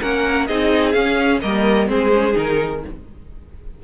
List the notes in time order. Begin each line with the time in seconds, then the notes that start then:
0.00 A#3 C#4 A#4 F#5
0.47 C4 D#4 G#4 D#5
0.92 C#4 F5
1.41 G3 A#3 A#4 D#5
1.87 G#3 C4 G#4 C5
2.13 C#4
2.33 D#3 D#4 A#4